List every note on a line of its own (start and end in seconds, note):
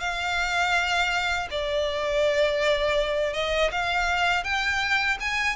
0.00 1.48 F5
1.51 3.33 D5
3.33 3.70 D#5
3.71 4.43 F5
4.43 5.18 G5
5.20 5.56 G#5